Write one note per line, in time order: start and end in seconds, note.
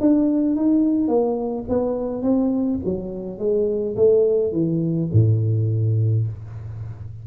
0.00 0.56 D4
0.56 1.07 D#4
1.07 1.64 A#3
1.68 2.22 B3
2.22 2.79 C4
2.84 3.38 F#3
3.38 3.95 G#3
3.96 4.52 A3
4.52 5.09 E3
5.12 6.27 A2